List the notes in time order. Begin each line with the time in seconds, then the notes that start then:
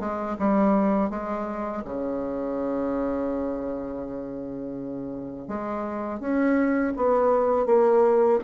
0.00 G#3
0.39 G3
1.10 G#3
1.85 C#3
5.48 G#3
6.20 C#4
6.96 B3
7.66 A#3